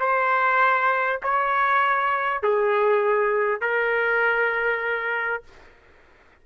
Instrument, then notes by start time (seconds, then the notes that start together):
trumpet
0.00 C5
1.23 C#5
2.43 G#4
3.62 A#4